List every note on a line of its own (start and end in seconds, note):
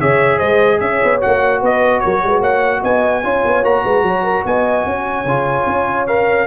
0.00 0.41 C#3
0.00 1.21 G#4
0.00 0.38 C#5
0.00 0.39 E5
0.38 0.81 G#3
0.38 0.78 C5
0.38 0.79 D#5
0.80 1.01 C#4
0.80 1.60 C#5
0.80 1.20 E5
1.04 1.24 B3
1.21 1.62 A#3
1.21 3.23 F#4
1.21 1.62 F#5
1.60 2.02 B3
1.60 2.01 B4
1.60 2.00 D#5
2.00 2.23 F#3
2.00 2.23 A#4
2.00 2.40 C#5
2.23 2.41 G#3
2.23 2.39 B4
2.39 2.81 A#3
2.39 2.80 C#5
2.39 2.83 F#5
2.82 3.23 B3
2.82 3.22 D#5
2.82 3.65 G#5
3.23 3.44 C#4
3.23 3.63 F4
3.23 3.84 C#5
3.45 3.63 B3
3.63 3.83 A#3
3.63 5.25 F#4
3.63 4.46 A#5
3.84 4.03 G#3
3.84 4.04 B4
4.03 4.43 F#3
4.03 4.23 C#5
4.23 4.44 A#4
4.45 4.85 B3
4.45 4.87 D#5
4.45 6.07 G#5
4.85 5.24 C#4
4.85 6.47 C#5
5.24 5.65 C#3
5.24 6.08 F4
5.66 6.47 C#4
6.07 6.47 A#4
6.07 6.47 F5